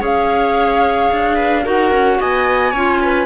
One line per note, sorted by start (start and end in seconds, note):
0.00 1.11 C#4
0.00 1.64 G#4
0.00 1.36 C#5
0.00 1.68 F5
1.12 1.66 D4
1.36 1.63 B4
1.64 1.92 D#4
1.64 2.73 F#4
1.64 2.19 A#4
1.64 2.21 F#5
1.92 2.20 C#4
2.21 2.74 B3
2.21 2.72 D#5
2.21 3.26 G#5
2.72 3.26 C#4
2.72 3.26 F4
2.72 2.99 C#5
3.02 3.26 B4